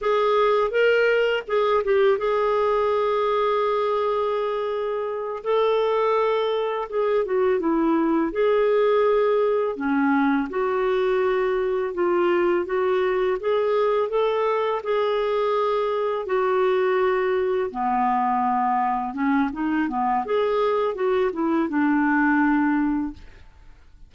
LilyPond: \new Staff \with { instrumentName = "clarinet" } { \time 4/4 \tempo 4 = 83 gis'4 ais'4 gis'8 g'8 gis'4~ | gis'2.~ gis'8 a'8~ | a'4. gis'8 fis'8 e'4 gis'8~ | gis'4. cis'4 fis'4.~ |
fis'8 f'4 fis'4 gis'4 a'8~ | a'8 gis'2 fis'4.~ | fis'8 b2 cis'8 dis'8 b8 | gis'4 fis'8 e'8 d'2 | }